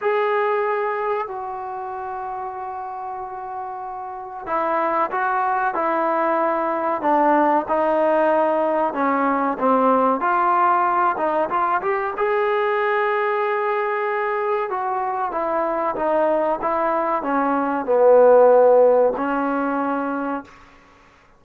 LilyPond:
\new Staff \with { instrumentName = "trombone" } { \time 4/4 \tempo 4 = 94 gis'2 fis'2~ | fis'2. e'4 | fis'4 e'2 d'4 | dis'2 cis'4 c'4 |
f'4. dis'8 f'8 g'8 gis'4~ | gis'2. fis'4 | e'4 dis'4 e'4 cis'4 | b2 cis'2 | }